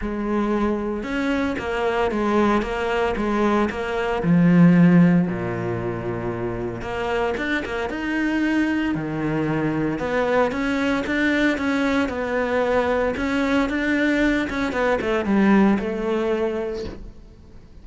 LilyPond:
\new Staff \with { instrumentName = "cello" } { \time 4/4 \tempo 4 = 114 gis2 cis'4 ais4 | gis4 ais4 gis4 ais4 | f2 ais,2~ | ais,4 ais4 d'8 ais8 dis'4~ |
dis'4 dis2 b4 | cis'4 d'4 cis'4 b4~ | b4 cis'4 d'4. cis'8 | b8 a8 g4 a2 | }